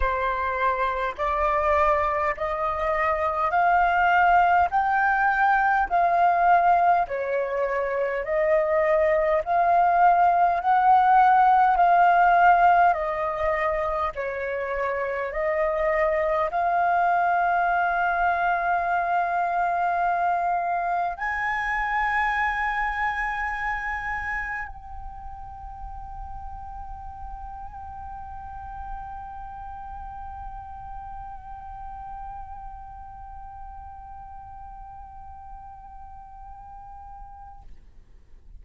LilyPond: \new Staff \with { instrumentName = "flute" } { \time 4/4 \tempo 4 = 51 c''4 d''4 dis''4 f''4 | g''4 f''4 cis''4 dis''4 | f''4 fis''4 f''4 dis''4 | cis''4 dis''4 f''2~ |
f''2 gis''2~ | gis''4 g''2.~ | g''1~ | g''1 | }